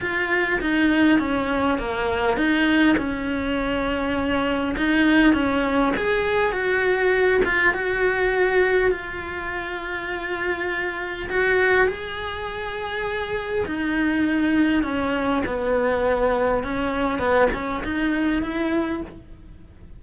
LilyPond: \new Staff \with { instrumentName = "cello" } { \time 4/4 \tempo 4 = 101 f'4 dis'4 cis'4 ais4 | dis'4 cis'2. | dis'4 cis'4 gis'4 fis'4~ | fis'8 f'8 fis'2 f'4~ |
f'2. fis'4 | gis'2. dis'4~ | dis'4 cis'4 b2 | cis'4 b8 cis'8 dis'4 e'4 | }